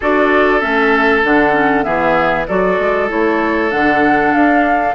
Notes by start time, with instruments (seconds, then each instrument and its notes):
0.00 bassoon D4, clarinet F#4, oboe A4, flute D5
0.60 bassoon A3, clarinet C#4, flute E5
1.23 bassoon D3, clarinet D4, flute F#5
1.53 clarinet C#4
1.82 bassoon E3, clarinet B3, oboe G#4, flute E5
2.47 bassoon F#3, clarinet F#4, oboe A4, flute D5
2.79 bassoon G#3
3.08 bassoon A3, clarinet E4, flute C#5
3.70 bassoon D3, clarinet D4, flute F#5
4.33 bassoon D4, flute F5